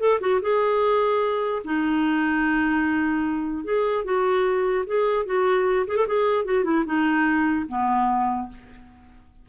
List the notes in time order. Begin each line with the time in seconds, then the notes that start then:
0.00 A4
0.21 F#4
0.42 G#4
1.65 D#4
3.65 G#4
4.05 F#4
4.87 G#4
5.26 F#4
5.88 G#4
5.97 A4
6.08 G#4
6.45 F#4
6.65 E4
6.86 D#4
7.69 B3